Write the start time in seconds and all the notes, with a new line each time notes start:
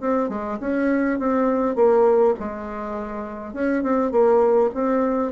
0.00 C4
0.29 G#3
0.60 C#4
1.19 C4
1.75 A#3
2.39 G#3
3.53 C#4
3.83 C4
4.11 A#3
4.74 C4